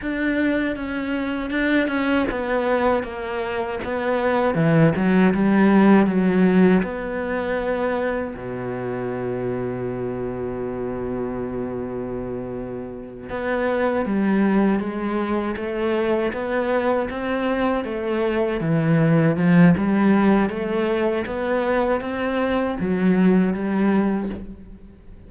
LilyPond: \new Staff \with { instrumentName = "cello" } { \time 4/4 \tempo 4 = 79 d'4 cis'4 d'8 cis'8 b4 | ais4 b4 e8 fis8 g4 | fis4 b2 b,4~ | b,1~ |
b,4. b4 g4 gis8~ | gis8 a4 b4 c'4 a8~ | a8 e4 f8 g4 a4 | b4 c'4 fis4 g4 | }